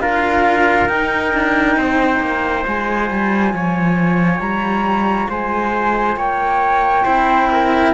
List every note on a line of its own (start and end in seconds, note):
0.00 0.88 D4
0.00 0.89 F4
0.00 1.78 A#4
0.00 0.88 F5
0.88 2.64 D#4
0.88 1.33 D#4
0.88 2.64 G5
1.33 1.76 D4
1.76 2.20 C4
1.76 3.54 C5
2.20 2.64 A#3
2.64 3.10 G#3
2.64 7.05 F4
2.64 4.40 G#5
3.10 3.53 G3
3.53 4.39 F3
3.53 5.30 C#5
4.39 5.28 G3
4.39 5.28 A#5
5.29 6.16 G#3
5.29 6.17 C5
5.29 6.18 G#5
6.16 7.05 A#3
6.16 7.04 C#5
6.16 7.94 G5
7.04 7.93 C4
7.04 7.94 E4
7.04 7.48 C5
7.52 7.94 A#4